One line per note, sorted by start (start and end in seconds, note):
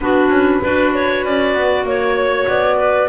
0.00 0.29 B3
0.00 0.62 D4
0.00 0.61 F#4
0.00 1.85 B4
0.29 0.60 C#4
0.61 1.24 D4
0.61 3.08 F#4
0.61 0.92 B4
0.93 1.24 C#5
1.24 1.54 C#4
1.24 1.86 D5
1.54 1.83 B3
1.83 2.45 A#3
1.83 2.47 C#5
1.83 2.77 C#5
2.47 3.08 B3
2.47 3.08 D5
2.77 3.08 B4